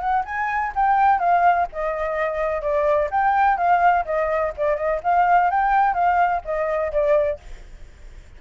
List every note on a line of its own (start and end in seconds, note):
0.00 0.24 F#5
0.25 0.73 G#5
0.75 1.19 G5
1.19 1.67 F5
1.72 2.61 D#5
2.61 3.09 D5
3.11 3.57 G5
3.57 4.05 F5
4.05 4.53 D#5
4.57 4.76 D5
4.76 5.00 D#5
5.03 5.50 F5
5.50 5.94 G5
5.94 6.42 F5
6.45 6.92 D#5
6.92 7.39 D5